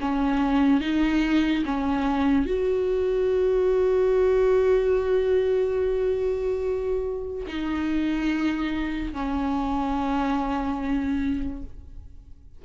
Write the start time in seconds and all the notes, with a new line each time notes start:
0.00 C#4
0.80 D#4
1.65 C#4
2.45 F#4
7.46 D#4
9.12 C#4